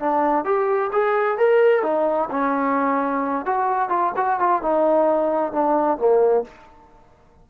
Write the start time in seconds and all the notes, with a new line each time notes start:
0.00 D4
0.45 G4
0.93 G#4
1.38 A#4
1.83 D#4
2.31 C#4
3.46 F#4
3.90 F4
4.17 F#4
4.40 F4
4.62 D#4
5.53 D4
5.98 A#3